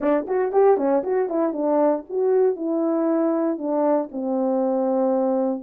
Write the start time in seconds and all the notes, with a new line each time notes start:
0.00 D4
0.27 F#4
0.52 G4
0.77 C#4
1.03 F#4
1.29 E4
1.52 D4
2.09 F#4
2.55 E4
3.58 D4
4.11 C4